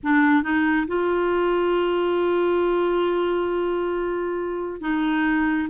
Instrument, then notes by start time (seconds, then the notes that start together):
clarinet
0.03 D4
0.43 D#4
0.87 F4
4.80 D#4